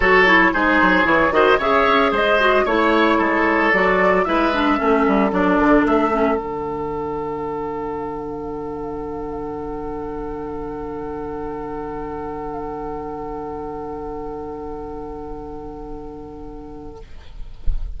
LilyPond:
<<
  \new Staff \with { instrumentName = "flute" } { \time 4/4 \tempo 4 = 113 cis''4 c''4 cis''8 dis''8 e''4 | dis''4 cis''2 d''4 | e''2 d''4 e''4 | fis''1~ |
fis''1~ | fis''1~ | fis''1~ | fis''1 | }
  \new Staff \with { instrumentName = "oboe" } { \time 4/4 a'4 gis'4. c''8 cis''4 | c''4 cis''4 a'2 | b'4 a'2.~ | a'1~ |
a'1~ | a'1~ | a'1~ | a'1 | }
  \new Staff \with { instrumentName = "clarinet" } { \time 4/4 fis'8 e'8 dis'4 e'8 fis'8 gis'4~ | gis'8 fis'8 e'2 fis'4 | e'8 d'8 cis'4 d'4. cis'8 | d'1~ |
d'1~ | d'1~ | d'1~ | d'1 | }
  \new Staff \with { instrumentName = "bassoon" } { \time 4/4 fis4 gis8 fis8 e8 dis8 cis8 cis'8 | gis4 a4 gis4 fis4 | gis4 a8 g8 fis8 d8 a4 | d1~ |
d1~ | d1~ | d1~ | d1 | }
>>